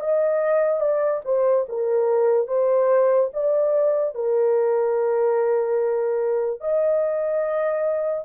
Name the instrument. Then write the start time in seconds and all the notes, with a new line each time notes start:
horn
0.00 D#5
0.80 D5
1.24 C5
1.68 A#4
2.47 C5
3.33 D5
4.14 A#4
6.60 D#5